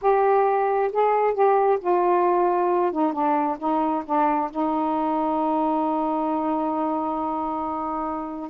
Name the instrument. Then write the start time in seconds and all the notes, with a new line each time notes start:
saxophone
0.01 G4
0.92 G#4
1.34 G4
1.80 F4
2.92 D#4
3.12 D4
3.58 D#4
4.05 D4
4.50 D#4